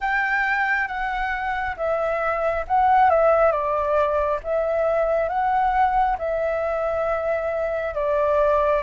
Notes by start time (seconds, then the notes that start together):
0.00 G5
0.87 F#5
1.76 E5
2.67 F#5
3.10 E5
3.51 D5
4.43 E5
5.28 F#5
6.18 E5
7.94 D5